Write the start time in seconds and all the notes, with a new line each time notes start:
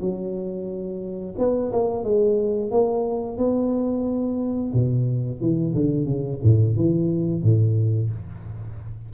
0.00 F#3
1.38 B3
1.72 A#3
2.04 G#3
2.71 A#3
3.37 B3
4.73 B2
5.41 E3
5.74 D3
6.05 C#3
6.43 A2
6.76 E3
7.42 A2